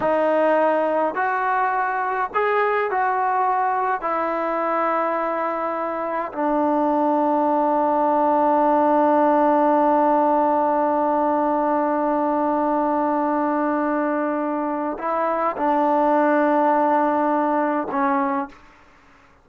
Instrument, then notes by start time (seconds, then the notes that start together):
trombone
0.00 D#4
1.14 F#4
2.34 G#4
2.90 F#4
4.01 E4
6.32 D4
14.98 E4
15.56 D4
17.91 C#4